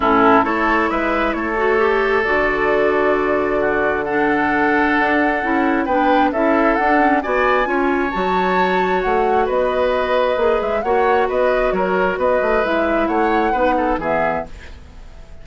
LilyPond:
<<
  \new Staff \with { instrumentName = "flute" } { \time 4/4 \tempo 4 = 133 a'4 cis''4 e''4 cis''4~ | cis''4 d''2.~ | d''4 fis''2.~ | fis''4 g''4 e''4 fis''4 |
gis''2 a''2 | fis''4 dis''2~ dis''8 e''8 | fis''4 dis''4 cis''4 dis''4 | e''4 fis''2 e''4 | }
  \new Staff \with { instrumentName = "oboe" } { \time 4/4 e'4 a'4 b'4 a'4~ | a'1 | fis'4 a'2.~ | a'4 b'4 a'2 |
d''4 cis''2.~ | cis''4 b'2. | cis''4 b'4 ais'4 b'4~ | b'4 cis''4 b'8 a'8 gis'4 | }
  \new Staff \with { instrumentName = "clarinet" } { \time 4/4 cis'4 e'2~ e'8 fis'8 | g'4 fis'2.~ | fis'4 d'2. | e'4 d'4 e'4 d'8 cis'8 |
fis'4 f'4 fis'2~ | fis'2. gis'4 | fis'1 | e'2 dis'4 b4 | }
  \new Staff \with { instrumentName = "bassoon" } { \time 4/4 a,4 a4 gis4 a4~ | a4 d2.~ | d2. d'4 | cis'4 b4 cis'4 d'4 |
b4 cis'4 fis2 | a4 b2 ais8 gis8 | ais4 b4 fis4 b8 a8 | gis4 a4 b4 e4 | }
>>